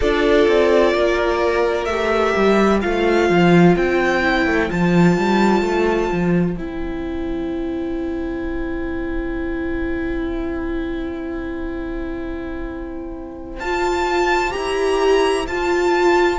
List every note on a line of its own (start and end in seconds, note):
0.00 0.47 D4
0.00 1.88 F4
0.00 0.93 A4
0.00 1.85 D5
0.47 0.94 C4
0.93 1.86 A#3
0.93 2.80 A#4
1.85 2.33 A3
1.85 2.81 G4
1.85 2.79 E5
2.36 2.83 G3
2.80 3.29 A3
2.80 4.22 F4
2.80 16.39 C5
2.80 3.75 F5
3.29 3.76 F3
3.76 4.46 C4
3.76 4.70 G5
4.22 4.69 E4
4.46 4.69 A3
4.69 5.17 F3
4.69 6.56 F4
4.69 6.56 A5
5.17 5.61 G3
5.61 6.08 A3
6.12 6.56 F3
6.56 13.60 C4
6.56 13.60 E4
6.56 13.59 G5
13.59 14.54 F4
13.59 14.50 F4
13.59 14.52 A5
14.50 15.46 E4
14.50 15.44 G4
14.50 15.46 A#5
15.46 16.39 F4
15.46 16.39 A5